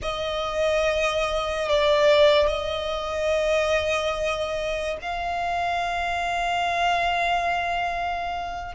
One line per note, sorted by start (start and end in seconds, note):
0.02 1.68 D#5
1.69 2.47 D5
2.47 4.97 D#5
5.02 8.75 F5